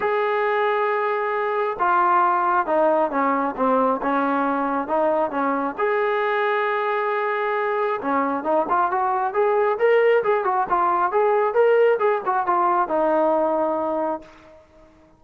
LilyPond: \new Staff \with { instrumentName = "trombone" } { \time 4/4 \tempo 4 = 135 gis'1 | f'2 dis'4 cis'4 | c'4 cis'2 dis'4 | cis'4 gis'2.~ |
gis'2 cis'4 dis'8 f'8 | fis'4 gis'4 ais'4 gis'8 fis'8 | f'4 gis'4 ais'4 gis'8 fis'8 | f'4 dis'2. | }